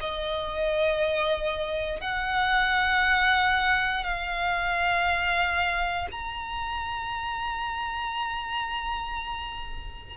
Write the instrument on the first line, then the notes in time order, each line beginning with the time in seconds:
violin
0.00 D#5
2.01 F#5
4.04 F5
6.11 A#5